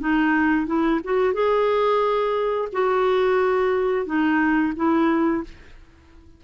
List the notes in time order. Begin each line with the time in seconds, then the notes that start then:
0.00 D#4
0.66 E4
1.04 F#4
1.34 G#4
2.72 F#4
4.06 D#4
4.76 E4